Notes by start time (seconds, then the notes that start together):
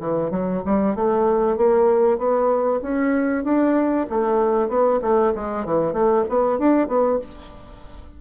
0.00 E3
0.31 F#3
0.65 G3
0.95 A3
1.57 A#3
2.18 B3
2.82 C#4
3.44 D4
4.10 A3
4.68 B3
5.02 A3
5.35 G#3
5.65 E3
5.93 A3
6.29 B3
6.59 D4
6.88 B3